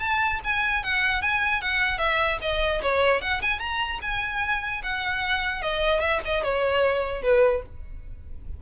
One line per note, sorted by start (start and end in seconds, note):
0.00 0.40 A5
0.45 0.84 G#5
0.84 1.22 F#5
1.22 1.62 G#5
1.62 1.99 F#5
1.99 2.39 E5
2.42 2.82 D#5
2.83 3.22 C#5
3.22 3.42 F#5
3.42 3.60 G#5
3.60 4.00 A#5
4.02 4.82 G#5
4.83 5.63 F#5
5.63 6.00 D#5
6.00 6.20 E5
6.25 6.44 D#5
6.44 7.23 C#5
7.23 7.63 B4